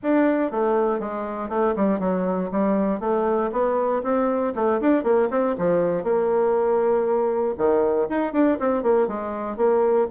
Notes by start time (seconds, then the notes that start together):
0.03 D4
0.51 A3
0.99 G#3
1.49 A3
1.76 G3
1.99 F#3
2.51 G3
3.00 A3
3.52 B3
4.03 C4
4.55 A3
4.80 D4
5.03 A#3
5.30 C4
5.57 F3
6.03 A#3
7.57 D#3
8.09 D#4
8.32 D4
8.59 C4
8.82 A#3
9.07 G#3
9.56 A#3